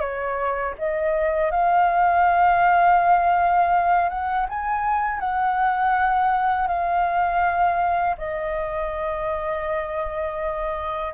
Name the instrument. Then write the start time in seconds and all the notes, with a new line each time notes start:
flute
0.00 C#5
0.78 D#5
1.51 F5
4.09 F#5
4.49 G#5
5.20 F#5
6.68 F5
8.18 D#5